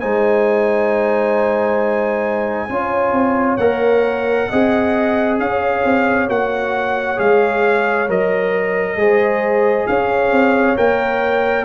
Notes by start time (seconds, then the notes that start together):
0.00 G#3 D#4 C5 G#5
2.69 C#4 F4 C#5
3.12 C4
3.57 A#3 A#4 F#5
4.50 C4 G#4 D#5
5.39 C#4 C#5 F5
5.84 C4
6.29 A#3 F#4 F#5
7.17 G#3 G#4 F5
8.09 F#3 A#4 D#5
8.96 G#3 G#4 C5
9.87 C#4 C#5 F5
10.32 C4
10.77 A#3 A#4 G5